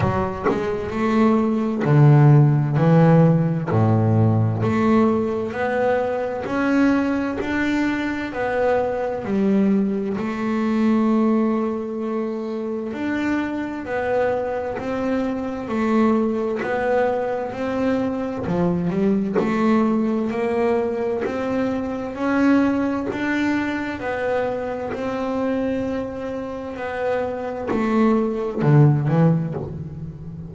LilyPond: \new Staff \with { instrumentName = "double bass" } { \time 4/4 \tempo 4 = 65 fis8 gis8 a4 d4 e4 | a,4 a4 b4 cis'4 | d'4 b4 g4 a4~ | a2 d'4 b4 |
c'4 a4 b4 c'4 | f8 g8 a4 ais4 c'4 | cis'4 d'4 b4 c'4~ | c'4 b4 a4 d8 e8 | }